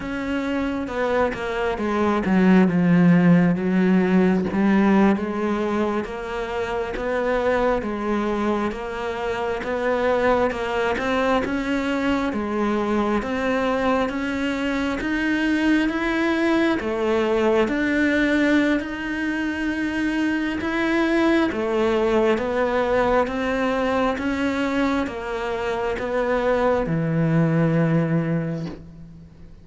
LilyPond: \new Staff \with { instrumentName = "cello" } { \time 4/4 \tempo 4 = 67 cis'4 b8 ais8 gis8 fis8 f4 | fis4 g8. gis4 ais4 b16~ | b8. gis4 ais4 b4 ais16~ | ais16 c'8 cis'4 gis4 c'4 cis'16~ |
cis'8. dis'4 e'4 a4 d'16~ | d'4 dis'2 e'4 | a4 b4 c'4 cis'4 | ais4 b4 e2 | }